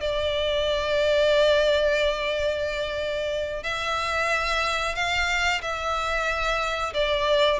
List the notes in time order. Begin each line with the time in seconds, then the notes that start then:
0.00 D5
3.63 E5
4.95 F5
5.61 E5
6.94 D5